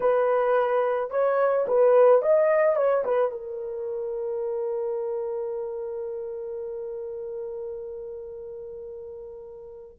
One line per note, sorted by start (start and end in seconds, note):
0.00 1.10 B4
1.10 1.66 C#5
1.67 2.22 B4
2.22 2.76 D#5
2.76 3.04 C#5
3.05 3.31 B4
3.31 9.97 A#4